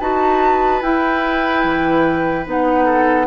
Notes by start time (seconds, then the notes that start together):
0.00 D#4 F#4 B4 A5
0.82 E4 G5
1.64 E3
2.46 B3 D#4 F#5
2.85 A4